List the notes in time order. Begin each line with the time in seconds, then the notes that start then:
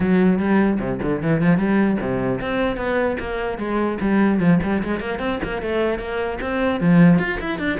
0.00 F#3
0.38 G3
0.79 C3
1.02 D3
1.22 E3
1.41 F3
1.57 G3
2.00 C3
2.40 C4
2.77 B3
3.19 A#3
3.58 G#3
4.00 G3
4.39 F3
4.63 G3
4.83 G#3
5.00 A#3
5.19 C4
5.43 A#3
5.61 A3
5.98 A#3
6.40 C4
6.80 F3
7.18 F4
7.40 E4
7.59 D4